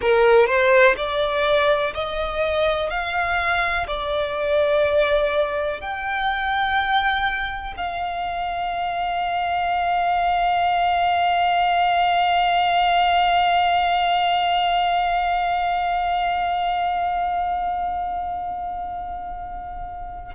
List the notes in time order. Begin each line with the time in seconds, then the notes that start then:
0.00 A#4
0.46 C5
0.97 D5
1.94 D#5
2.89 F5
3.87 D5
5.80 G5
7.76 F5